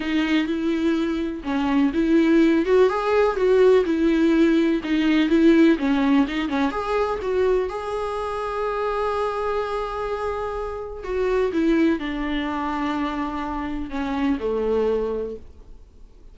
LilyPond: \new Staff \with { instrumentName = "viola" } { \time 4/4 \tempo 4 = 125 dis'4 e'2 cis'4 | e'4. fis'8 gis'4 fis'4 | e'2 dis'4 e'4 | cis'4 dis'8 cis'8 gis'4 fis'4 |
gis'1~ | gis'2. fis'4 | e'4 d'2.~ | d'4 cis'4 a2 | }